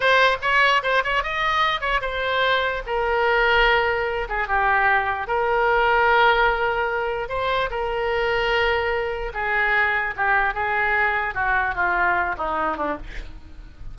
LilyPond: \new Staff \with { instrumentName = "oboe" } { \time 4/4 \tempo 4 = 148 c''4 cis''4 c''8 cis''8 dis''4~ | dis''8 cis''8 c''2 ais'4~ | ais'2~ ais'8 gis'8 g'4~ | g'4 ais'2.~ |
ais'2 c''4 ais'4~ | ais'2. gis'4~ | gis'4 g'4 gis'2 | fis'4 f'4. dis'4 d'8 | }